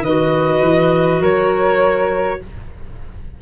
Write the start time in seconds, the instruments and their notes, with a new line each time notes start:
0.00 tuba D#3, clarinet F#4, flute B4, violin D#5
0.62 tuba E3
1.20 tuba F#3, flute A#4, violin C#5